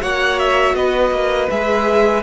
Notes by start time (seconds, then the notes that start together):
0.00 A#3 F#4 C#5 F#5
0.38 E5
0.73 B3 B4 D#5
1.10 A#3
1.49 G#3 G#4 E5